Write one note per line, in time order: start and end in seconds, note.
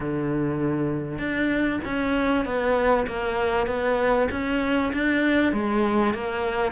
0.00 1.18 D3
1.18 1.79 D4
1.85 2.45 C#4
2.45 3.06 B3
3.07 3.67 A#3
3.67 4.28 B3
4.31 4.92 C#4
4.93 5.52 D4
5.52 6.14 G#3
6.14 6.72 A#3